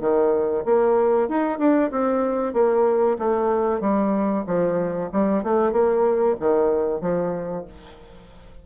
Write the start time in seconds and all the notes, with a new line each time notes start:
0.00 D#3
0.65 A#3
1.29 D#4
1.58 D4
1.91 C4
2.53 A#3
3.18 A3
3.80 G3
4.46 F3
5.12 G3
5.43 A3
5.72 A#3
6.39 D#3
7.01 F3